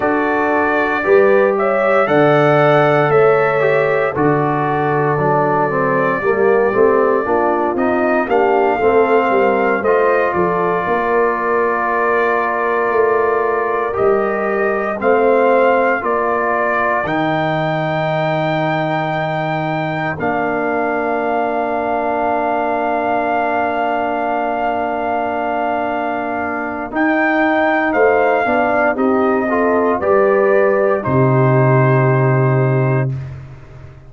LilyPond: <<
  \new Staff \with { instrumentName = "trumpet" } { \time 4/4 \tempo 4 = 58 d''4. e''8 fis''4 e''4 | d''2.~ d''8 dis''8 | f''4. dis''8 d''2~ | d''4. dis''4 f''4 d''8~ |
d''8 g''2. f''8~ | f''1~ | f''2 g''4 f''4 | dis''4 d''4 c''2 | }
  \new Staff \with { instrumentName = "horn" } { \time 4/4 a'4 b'8 cis''8 d''4 cis''4 | a'2 g'4 f'4 | g'8 a'8 ais'8 c''8 a'8 ais'4.~ | ais'2~ ais'8 c''4 ais'8~ |
ais'1~ | ais'1~ | ais'2. c''8 d''8 | g'8 a'8 b'4 g'2 | }
  \new Staff \with { instrumentName = "trombone" } { \time 4/4 fis'4 g'4 a'4. g'8 | fis'4 d'8 c'8 ais8 c'8 d'8 dis'8 | d'8 c'4 f'2~ f'8~ | f'4. g'4 c'4 f'8~ |
f'8 dis'2. d'8~ | d'1~ | d'2 dis'4. d'8 | dis'8 f'8 g'4 dis'2 | }
  \new Staff \with { instrumentName = "tuba" } { \time 4/4 d'4 g4 d4 a4 | d4 fis4 g8 a8 ais8 c'8 | ais8 a8 g8 a8 f8 ais4.~ | ais8 a4 g4 a4 ais8~ |
ais8 dis2. ais8~ | ais1~ | ais2 dis'4 a8 b8 | c'4 g4 c2 | }
>>